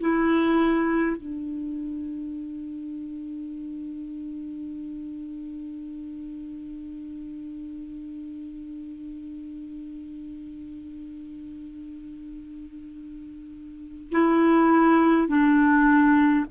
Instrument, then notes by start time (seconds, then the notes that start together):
clarinet
0.00 E4
1.17 D4
14.11 E4
15.28 D4